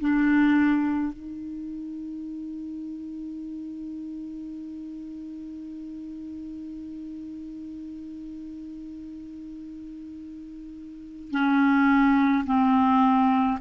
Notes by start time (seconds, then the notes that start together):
0.00 D4
1.13 D#4
11.32 C#4
12.46 C4